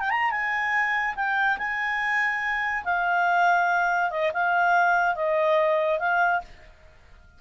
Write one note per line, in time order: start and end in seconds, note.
0.00 0.10 G5
0.10 0.31 A#5
0.31 1.15 G#5
1.16 1.58 G5
1.58 2.84 G#5
2.85 4.11 F5
4.11 4.32 D#5
4.34 5.16 F5
5.16 5.99 D#5
5.99 6.41 F5